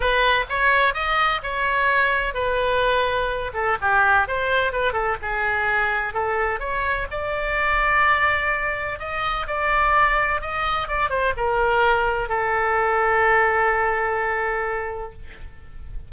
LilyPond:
\new Staff \with { instrumentName = "oboe" } { \time 4/4 \tempo 4 = 127 b'4 cis''4 dis''4 cis''4~ | cis''4 b'2~ b'8 a'8 | g'4 c''4 b'8 a'8 gis'4~ | gis'4 a'4 cis''4 d''4~ |
d''2. dis''4 | d''2 dis''4 d''8 c''8 | ais'2 a'2~ | a'1 | }